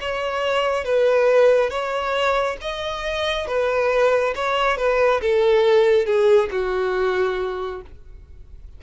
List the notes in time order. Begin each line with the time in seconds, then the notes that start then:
0.00 C#5
0.84 B4
1.70 C#5
2.61 D#5
3.47 B4
4.35 C#5
4.77 B4
5.21 A4
6.06 G#4
6.51 F#4